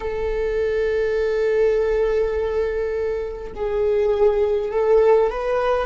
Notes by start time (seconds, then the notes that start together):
0.00 A4
3.55 G#4
4.71 A4
5.30 B4